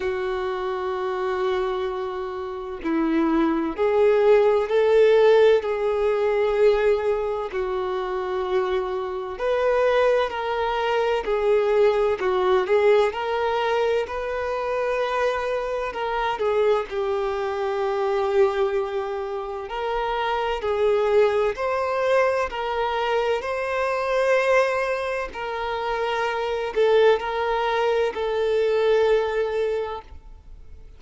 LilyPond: \new Staff \with { instrumentName = "violin" } { \time 4/4 \tempo 4 = 64 fis'2. e'4 | gis'4 a'4 gis'2 | fis'2 b'4 ais'4 | gis'4 fis'8 gis'8 ais'4 b'4~ |
b'4 ais'8 gis'8 g'2~ | g'4 ais'4 gis'4 c''4 | ais'4 c''2 ais'4~ | ais'8 a'8 ais'4 a'2 | }